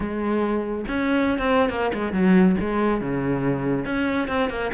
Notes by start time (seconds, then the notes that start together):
0.00 G#3
0.87 C#4
1.38 C4
1.69 A#3
1.93 G#3
2.13 F#3
2.59 G#3
3.00 C#3
3.85 C#4
4.28 C4
4.49 A#3